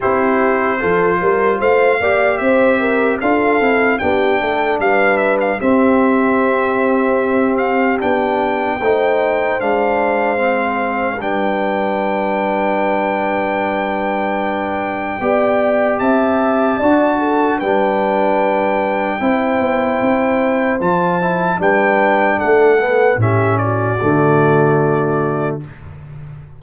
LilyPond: <<
  \new Staff \with { instrumentName = "trumpet" } { \time 4/4 \tempo 4 = 75 c''2 f''4 e''4 | f''4 g''4 f''8 e''16 f''16 e''4~ | e''4. f''8 g''2 | f''2 g''2~ |
g''1 | a''2 g''2~ | g''2 a''4 g''4 | fis''4 e''8 d''2~ d''8 | }
  \new Staff \with { instrumentName = "horn" } { \time 4/4 g'4 a'8 ais'8 c''8 d''8 c''8 ais'8 | a'4 g'8 a'8 b'4 g'4~ | g'2. c''4~ | c''2 b'2~ |
b'2. d''4 | e''4 d''8 a'8 b'2 | c''2. b'4 | a'4 g'8 fis'2~ fis'8 | }
  \new Staff \with { instrumentName = "trombone" } { \time 4/4 e'4 f'4. g'4. | f'8 e'8 d'2 c'4~ | c'2 d'4 dis'4 | d'4 c'4 d'2~ |
d'2. g'4~ | g'4 fis'4 d'2 | e'2 f'8 e'8 d'4~ | d'8 b8 cis'4 a2 | }
  \new Staff \with { instrumentName = "tuba" } { \time 4/4 c'4 f8 g8 a8 ais8 c'4 | d'8 c'8 b8 a8 g4 c'4~ | c'2 b4 a4 | gis2 g2~ |
g2. b4 | c'4 d'4 g2 | c'8 b8 c'4 f4 g4 | a4 a,4 d2 | }
>>